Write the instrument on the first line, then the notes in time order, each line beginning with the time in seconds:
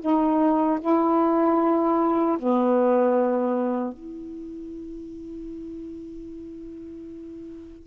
saxophone
0.00 D#4
0.80 E4
2.39 B3
3.93 E4